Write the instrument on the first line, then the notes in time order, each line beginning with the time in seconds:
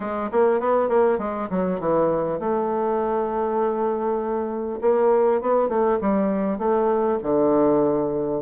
bassoon
0.00 G#3
0.31 A#3
0.60 B3
0.88 A#3
1.18 G#3
1.50 F#3
1.80 E3
2.39 A3
4.81 A#3
5.41 B3
5.68 A3
6.00 G3
6.58 A3
7.22 D3